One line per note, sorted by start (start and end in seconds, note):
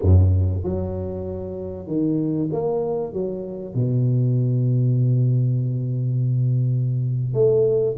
0.01 0.63 F#2
0.63 1.86 F#3
1.86 2.49 D#3
2.52 3.12 A#3
3.12 3.74 F#3
3.74 7.33 B2
7.33 7.96 A3